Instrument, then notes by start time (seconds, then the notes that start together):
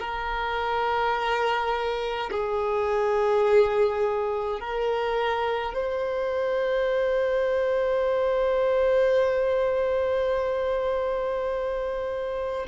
violin
0.00 A#4
2.31 G#4
4.60 A#4
5.74 C5